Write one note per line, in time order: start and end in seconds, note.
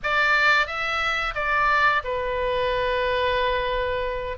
0.03 0.66 D5
0.66 1.34 E5
1.35 2.02 D5
2.04 4.37 B4